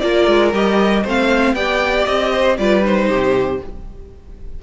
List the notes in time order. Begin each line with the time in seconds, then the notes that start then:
0.00 A#3 F4 A#4 D5
0.27 G#3
0.53 G3 G4 D#5
1.03 A3 C4 C5
1.09 F5
1.53 B3 G4 D5 G5
2.05 C4 D#5
2.32 C5
2.58 G3 F4 B4 D5
2.83 D#4 C5
3.09 C3 G4